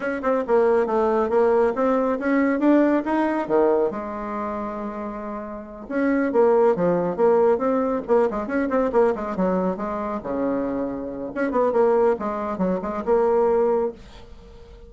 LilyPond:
\new Staff \with { instrumentName = "bassoon" } { \time 4/4 \tempo 4 = 138 cis'8 c'8 ais4 a4 ais4 | c'4 cis'4 d'4 dis'4 | dis4 gis2.~ | gis4. cis'4 ais4 f8~ |
f8 ais4 c'4 ais8 gis8 cis'8 | c'8 ais8 gis8 fis4 gis4 cis8~ | cis2 cis'8 b8 ais4 | gis4 fis8 gis8 ais2 | }